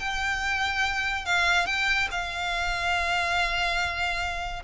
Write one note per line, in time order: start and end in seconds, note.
0.00 1.26 G5
1.26 1.66 F5
1.66 2.08 G5
2.11 4.63 F5